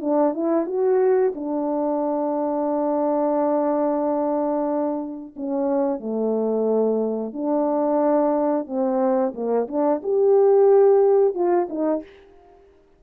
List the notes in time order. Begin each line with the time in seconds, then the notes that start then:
0.00 D4
0.34 E4
0.66 F#4
1.35 D4
5.36 C#4
5.99 A3
7.33 D4
8.66 C4
9.34 A#3
9.68 D4
10.02 G4
11.34 F4
11.69 D#4